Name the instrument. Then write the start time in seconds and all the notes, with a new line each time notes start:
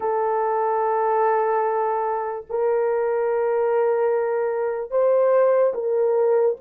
horn
0.00 A4
2.49 A#4
4.91 C5
5.73 A#4